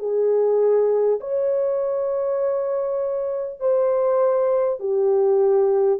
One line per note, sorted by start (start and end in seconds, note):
0.00 1.20 G#4
1.21 3.61 C#5
3.61 4.80 C5
4.80 6.00 G4